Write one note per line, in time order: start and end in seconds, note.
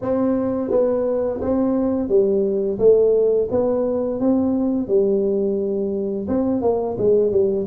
0.01 0.70 C4
0.70 1.40 B3
1.41 2.08 C4
2.08 2.78 G3
2.78 3.48 A3
3.50 4.20 B3
4.20 4.87 C4
4.87 6.27 G3
6.28 6.61 C4
6.61 6.96 A#3
6.98 7.31 G#3
7.31 7.66 G3